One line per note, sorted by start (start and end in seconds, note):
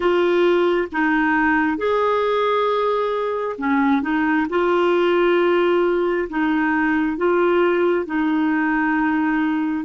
0.00 0.88 F4
0.92 1.77 D#4
1.77 3.56 G#4
3.58 4.01 C#4
4.01 4.46 D#4
4.49 6.28 F4
6.29 7.17 D#4
7.17 8.06 F4
8.06 9.85 D#4